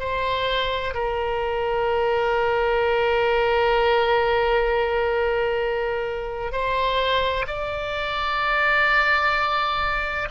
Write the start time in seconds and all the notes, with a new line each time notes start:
0.00 C5
0.95 A#4
6.52 C5
7.47 D5